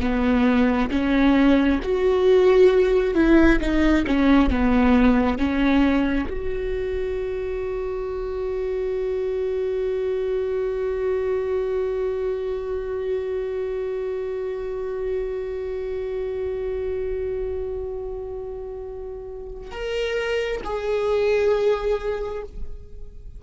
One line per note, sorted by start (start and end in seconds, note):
0.00 0.90 B3
0.90 1.80 C#4
1.83 3.15 F#4
3.15 3.59 E4
3.60 4.05 D#4
4.07 4.49 C#4
4.49 5.38 B3
5.38 6.27 C#4
6.29 19.71 F#4
19.71 20.61 A#4
20.64 22.43 G#4